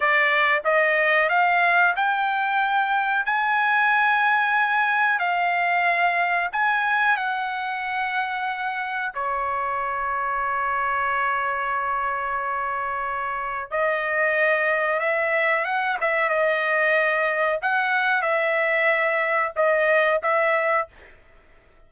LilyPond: \new Staff \with { instrumentName = "trumpet" } { \time 4/4 \tempo 4 = 92 d''4 dis''4 f''4 g''4~ | g''4 gis''2. | f''2 gis''4 fis''4~ | fis''2 cis''2~ |
cis''1~ | cis''4 dis''2 e''4 | fis''8 e''8 dis''2 fis''4 | e''2 dis''4 e''4 | }